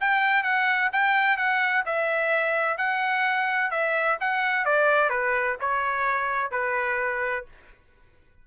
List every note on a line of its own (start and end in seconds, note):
0.00 0.43 G5
0.43 0.90 F#5
0.92 1.37 G5
1.37 1.84 F#5
1.85 2.77 E5
2.77 3.71 F#5
3.71 4.17 E5
4.20 4.65 F#5
4.65 5.09 D5
5.09 5.56 B4
5.60 6.51 C#5
6.51 7.45 B4